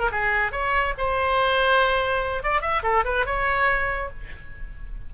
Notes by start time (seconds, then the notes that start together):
0.00 A#4
0.12 G#4
0.52 C#5
0.98 C5
2.43 D5
2.62 E5
2.83 A4
3.05 B4
3.26 C#5